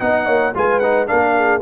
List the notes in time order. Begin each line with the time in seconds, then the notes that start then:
0.00 B3 D#4 D#5 F#5
0.26 A#3 C#5
0.55 G#3 F4 B4 G#5
0.80 D#4 F#5
1.07 A#3 D4 A#4 F5
1.36 G#4